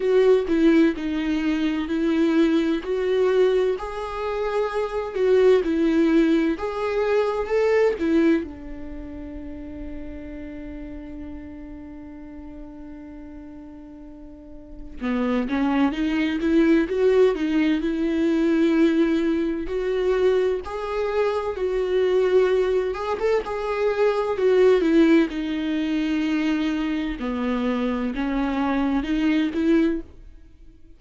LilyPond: \new Staff \with { instrumentName = "viola" } { \time 4/4 \tempo 4 = 64 fis'8 e'8 dis'4 e'4 fis'4 | gis'4. fis'8 e'4 gis'4 | a'8 e'8 d'2.~ | d'1 |
b8 cis'8 dis'8 e'8 fis'8 dis'8 e'4~ | e'4 fis'4 gis'4 fis'4~ | fis'8 gis'16 a'16 gis'4 fis'8 e'8 dis'4~ | dis'4 b4 cis'4 dis'8 e'8 | }